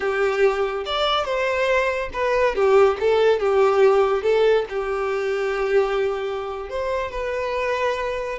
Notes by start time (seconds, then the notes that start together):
0.00 G4
0.85 D5
1.24 C5
2.13 B4
2.55 G4
3.00 A4
3.39 G4
4.22 A4
4.69 G4
6.69 C5
7.11 B4